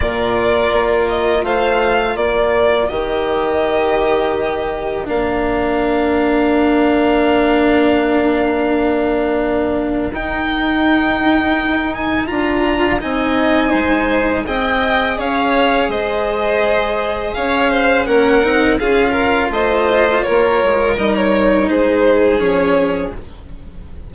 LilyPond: <<
  \new Staff \with { instrumentName = "violin" } { \time 4/4 \tempo 4 = 83 d''4. dis''8 f''4 d''4 | dis''2. f''4~ | f''1~ | f''2 g''2~ |
g''8 gis''8 ais''4 gis''2 | g''4 f''4 dis''2 | f''4 fis''4 f''4 dis''4 | cis''4 dis''16 cis''8. c''4 cis''4 | }
  \new Staff \with { instrumentName = "violin" } { \time 4/4 ais'2 c''4 ais'4~ | ais'1~ | ais'1~ | ais'1~ |
ais'2 dis''4 c''4 | dis''4 cis''4 c''2 | cis''8 c''8 ais'4 gis'8 ais'8 c''4 | ais'2 gis'2 | }
  \new Staff \with { instrumentName = "cello" } { \time 4/4 f'1 | g'2. d'4~ | d'1~ | d'2 dis'2~ |
dis'4 f'4 dis'2 | gis'1~ | gis'4 cis'8 dis'8 f'2~ | f'4 dis'2 cis'4 | }
  \new Staff \with { instrumentName = "bassoon" } { \time 4/4 ais,4 ais4 a4 ais4 | dis2. ais4~ | ais1~ | ais2 dis'2~ |
dis'4 d'4 c'4 gis4 | c'4 cis'4 gis2 | cis'4 ais8 c'8 cis'4 a4 | ais8 gis8 g4 gis4 f4 | }
>>